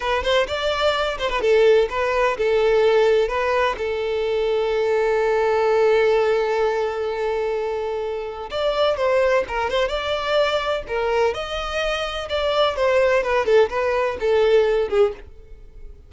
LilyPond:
\new Staff \with { instrumentName = "violin" } { \time 4/4 \tempo 4 = 127 b'8 c''8 d''4. c''16 b'16 a'4 | b'4 a'2 b'4 | a'1~ | a'1~ |
a'2 d''4 c''4 | ais'8 c''8 d''2 ais'4 | dis''2 d''4 c''4 | b'8 a'8 b'4 a'4. gis'8 | }